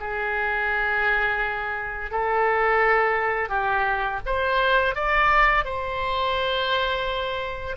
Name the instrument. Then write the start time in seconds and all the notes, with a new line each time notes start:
oboe
0.00 G#4
2.11 A4
3.49 G4
4.26 C5
4.95 D5
5.65 C5